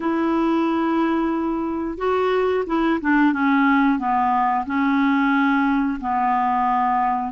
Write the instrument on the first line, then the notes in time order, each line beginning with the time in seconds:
clarinet
0.00 E4
1.97 F#4
2.66 E4
3.01 D4
3.32 C#4
3.98 B3
4.65 C#4
6.00 B3